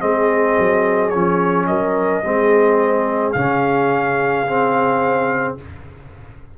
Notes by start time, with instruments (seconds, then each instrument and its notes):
0.00 tuba G#3, trombone C4, horn G#4, trumpet D#5
0.59 tuba F#3
1.10 tuba F3, trombone C#4, trumpet C#5
1.67 tuba F#3, horn A#4, trumpet D#5
2.24 tuba G#3, trombone C4, horn G#4
3.33 tuba C#3, trombone C#4, trumpet F5
4.47 trombone C4